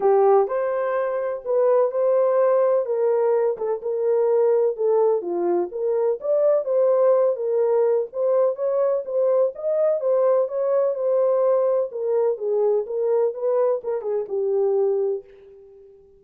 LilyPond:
\new Staff \with { instrumentName = "horn" } { \time 4/4 \tempo 4 = 126 g'4 c''2 b'4 | c''2 ais'4. a'8 | ais'2 a'4 f'4 | ais'4 d''4 c''4. ais'8~ |
ais'4 c''4 cis''4 c''4 | dis''4 c''4 cis''4 c''4~ | c''4 ais'4 gis'4 ais'4 | b'4 ais'8 gis'8 g'2 | }